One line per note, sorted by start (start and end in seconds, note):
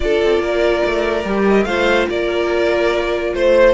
0.00 0.23 D4
0.00 1.23 F4
0.00 0.42 A4
0.00 1.45 D5
0.24 0.40 C4
0.40 0.81 A#3
0.40 1.67 A#4
0.85 1.24 A3
1.24 1.65 G3
1.24 1.67 G4
1.48 1.64 D#5
1.64 2.07 A3
1.64 3.74 F4
1.64 2.09 C5
1.64 2.06 F5
2.08 3.33 A#3
2.08 3.34 A#4
2.08 3.34 D5
3.34 3.74 A3
3.34 3.74 C5